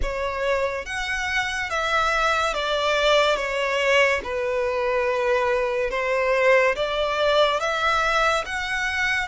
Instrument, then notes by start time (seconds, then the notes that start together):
violin
0.02 C#5
0.85 F#5
1.70 E5
2.54 D5
3.36 C#5
4.23 B4
5.90 C5
6.75 D5
7.59 E5
8.45 F#5